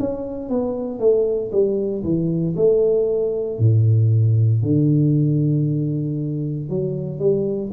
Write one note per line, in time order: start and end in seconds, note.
0.00 0.50 C#4
0.50 1.00 B3
1.00 1.51 A3
1.52 2.04 G3
2.04 2.56 E3
2.56 3.59 A3
3.59 4.63 A2
4.63 6.70 D3
6.70 7.19 F#3
7.19 7.71 G3